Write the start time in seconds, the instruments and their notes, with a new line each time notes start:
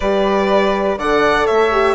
0.00 bassoon G3, horn G4, flute B4, violin D5
0.97 bassoon D3, horn A4, flute D5, violin F#5
1.46 bassoon A3, flute C#5, violin E5
1.71 horn G4